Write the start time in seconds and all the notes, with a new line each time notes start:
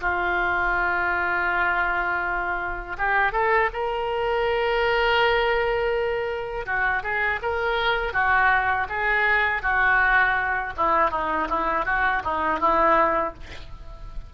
0.00 F4
2.98 G4
3.32 A4
3.73 A#4
6.65 F#4
7.02 G#4
7.42 A#4
8.12 F#4
8.89 G#4
9.62 F#4
10.77 E4
11.10 D#4
11.49 E4
11.85 F#4
12.24 D#4
12.59 E4